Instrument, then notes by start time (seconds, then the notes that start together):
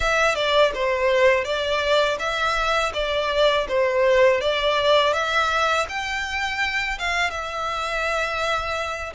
violin
0.00 E5
0.35 D5
0.74 C5
1.44 D5
2.19 E5
2.93 D5
3.68 C5
4.40 D5
5.13 E5
5.88 G5
6.98 F5
7.30 E5